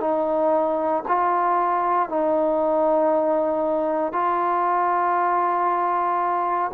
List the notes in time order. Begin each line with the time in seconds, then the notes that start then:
0.00 D#4
1.08 F4
2.09 D#4
4.13 F4